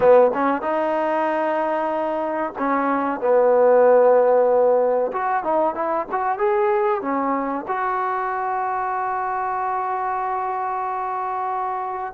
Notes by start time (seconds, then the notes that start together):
0.00 B3
0.34 C#4
0.61 D#4
2.58 C#4
3.20 B3
5.12 F#4
5.43 D#4
5.74 E4
6.11 F#4
6.38 G#4
7.01 C#4
7.67 F#4